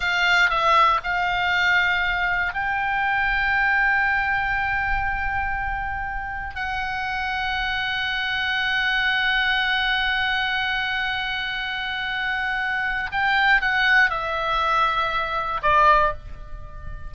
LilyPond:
\new Staff \with { instrumentName = "oboe" } { \time 4/4 \tempo 4 = 119 f''4 e''4 f''2~ | f''4 g''2.~ | g''1~ | g''4 fis''2.~ |
fis''1~ | fis''1~ | fis''2 g''4 fis''4 | e''2. d''4 | }